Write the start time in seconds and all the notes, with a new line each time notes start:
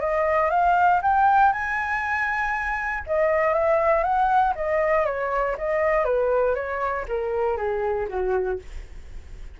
0.00 D#5
0.50 F5
1.02 G5
1.52 G#5
3.06 D#5
3.54 E5
4.03 F#5
4.55 D#5
5.05 C#5
5.57 D#5
6.04 B4
6.55 C#5
7.08 A#4
7.57 G#4
8.08 F#4